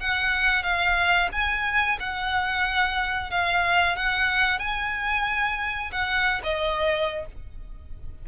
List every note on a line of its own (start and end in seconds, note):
0.00 0.63 F#5
0.63 1.29 F5
1.32 1.98 G#5
2.00 3.31 F#5
3.31 3.96 F5
3.96 4.59 F#5
4.59 5.91 G#5
5.92 6.41 F#5
6.43 7.26 D#5